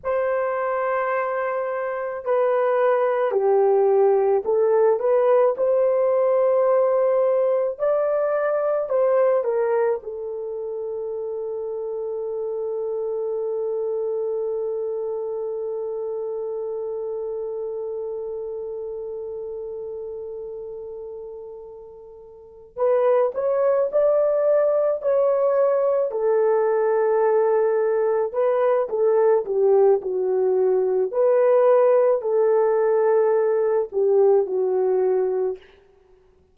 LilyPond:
\new Staff \with { instrumentName = "horn" } { \time 4/4 \tempo 4 = 54 c''2 b'4 g'4 | a'8 b'8 c''2 d''4 | c''8 ais'8 a'2.~ | a'1~ |
a'1~ | a'8 b'8 cis''8 d''4 cis''4 a'8~ | a'4. b'8 a'8 g'8 fis'4 | b'4 a'4. g'8 fis'4 | }